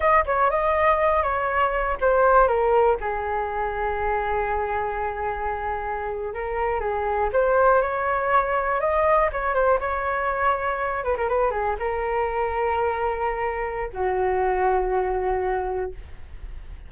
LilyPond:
\new Staff \with { instrumentName = "flute" } { \time 4/4 \tempo 4 = 121 dis''8 cis''8 dis''4. cis''4. | c''4 ais'4 gis'2~ | gis'1~ | gis'8. ais'4 gis'4 c''4 cis''16~ |
cis''4.~ cis''16 dis''4 cis''8 c''8 cis''16~ | cis''2~ cis''16 b'16 ais'16 b'8 gis'8 ais'16~ | ais'1 | fis'1 | }